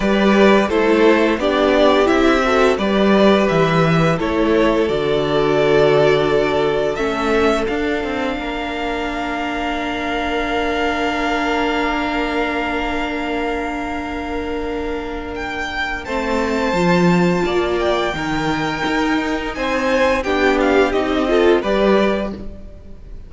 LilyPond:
<<
  \new Staff \with { instrumentName = "violin" } { \time 4/4 \tempo 4 = 86 d''4 c''4 d''4 e''4 | d''4 e''4 cis''4 d''4~ | d''2 e''4 f''4~ | f''1~ |
f''1~ | f''2 g''4 a''4~ | a''4. g''2~ g''8 | gis''4 g''8 f''8 dis''4 d''4 | }
  \new Staff \with { instrumentName = "violin" } { \time 4/4 b'4 a'4 g'4. a'8 | b'2 a'2~ | a'1 | ais'1~ |
ais'1~ | ais'2. c''4~ | c''4 d''4 ais'2 | c''4 g'4. a'8 b'4 | }
  \new Staff \with { instrumentName = "viola" } { \time 4/4 g'4 e'4 d'4 e'8 fis'8 | g'2 e'4 fis'4~ | fis'2 cis'4 d'4~ | d'1~ |
d'1~ | d'2. c'4 | f'2 dis'2~ | dis'4 d'4 dis'8 f'8 g'4 | }
  \new Staff \with { instrumentName = "cello" } { \time 4/4 g4 a4 b4 c'4 | g4 e4 a4 d4~ | d2 a4 d'8 c'8 | ais1~ |
ais1~ | ais2. a4 | f4 ais4 dis4 dis'4 | c'4 b4 c'4 g4 | }
>>